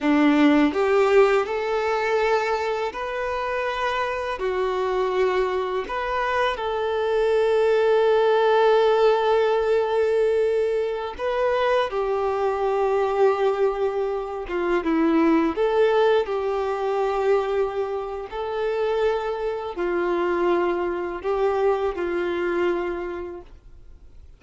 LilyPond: \new Staff \with { instrumentName = "violin" } { \time 4/4 \tempo 4 = 82 d'4 g'4 a'2 | b'2 fis'2 | b'4 a'2.~ | a'2.~ a'16 b'8.~ |
b'16 g'2.~ g'8 f'16~ | f'16 e'4 a'4 g'4.~ g'16~ | g'4 a'2 f'4~ | f'4 g'4 f'2 | }